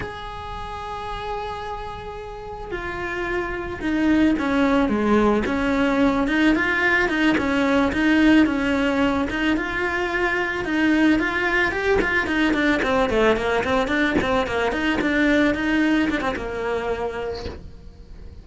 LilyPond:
\new Staff \with { instrumentName = "cello" } { \time 4/4 \tempo 4 = 110 gis'1~ | gis'4 f'2 dis'4 | cis'4 gis4 cis'4. dis'8 | f'4 dis'8 cis'4 dis'4 cis'8~ |
cis'4 dis'8 f'2 dis'8~ | dis'8 f'4 g'8 f'8 dis'8 d'8 c'8 | a8 ais8 c'8 d'8 c'8 ais8 dis'8 d'8~ | d'8 dis'4 d'16 c'16 ais2 | }